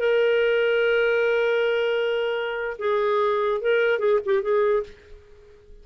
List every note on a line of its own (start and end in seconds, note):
0.00 2.77 A#4
2.79 3.61 G#4
3.62 4.00 A#4
4.00 4.20 G#4
4.26 4.43 G4
4.43 4.84 G#4